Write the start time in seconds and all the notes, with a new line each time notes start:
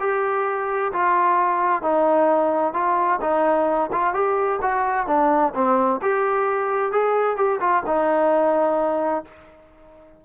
0.00 G4
0.93 F4
1.83 D#4
2.74 F4
3.21 D#4
3.92 F4
4.14 G4
4.62 F#4
5.07 D4
5.55 C4
6.02 G4
6.92 G#4
7.37 G4
7.60 F4
7.86 D#4